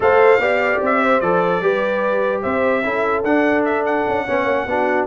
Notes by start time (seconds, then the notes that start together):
0.00 A3 A4 C5 F5
0.38 B3 G4 D5
0.81 C4 E5
1.00 C5
1.20 F3 A4 D5
1.61 G3 G4 B4
2.42 C4 C5 E5
2.83 C#4 E4 A4
3.23 D4 F#5
3.64 E5
3.85 F#5
4.07 C#4
4.24 B3 C#4 C#5
4.45 A#3
4.65 B3 D4 F#4